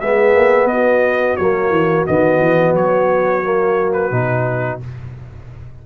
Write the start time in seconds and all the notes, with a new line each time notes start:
0.00 G#3 B3 G#4 E5
0.34 A#3
0.65 B3 D#5
0.72 F#4
1.36 F#3 A#3 C#5
1.70 E3
2.06 D#3 B3 D#5
2.40 E3
2.74 F#3 C#5
3.43 A#3
3.92 B4
4.11 B2 D#4